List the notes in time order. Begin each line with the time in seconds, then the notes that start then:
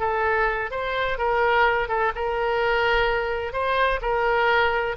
0.00 A4
0.71 C5
1.18 A#4
1.89 A4
2.15 A#4
3.53 C5
4.02 A#4